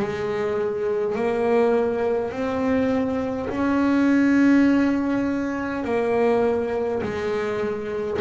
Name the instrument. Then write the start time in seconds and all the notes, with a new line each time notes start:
double bass
0.00 G#3
1.16 A#3
2.32 C4
3.50 C#4
5.84 A#3
7.03 G#3